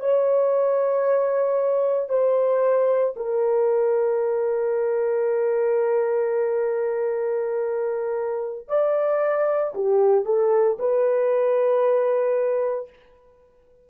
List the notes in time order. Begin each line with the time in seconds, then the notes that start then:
0.00 C#5
2.09 C5
3.17 A#4
8.68 D5
9.75 G4
10.25 A4
10.79 B4